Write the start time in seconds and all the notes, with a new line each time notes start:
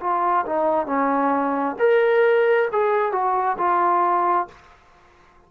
0.00 F4
0.46 D#4
0.86 C#4
1.78 A#4
2.72 G#4
3.12 F#4
3.58 F4